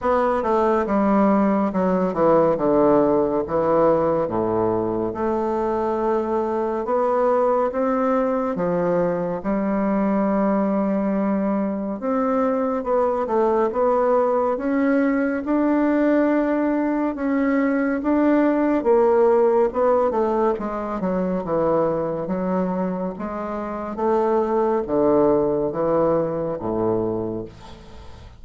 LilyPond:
\new Staff \with { instrumentName = "bassoon" } { \time 4/4 \tempo 4 = 70 b8 a8 g4 fis8 e8 d4 | e4 a,4 a2 | b4 c'4 f4 g4~ | g2 c'4 b8 a8 |
b4 cis'4 d'2 | cis'4 d'4 ais4 b8 a8 | gis8 fis8 e4 fis4 gis4 | a4 d4 e4 a,4 | }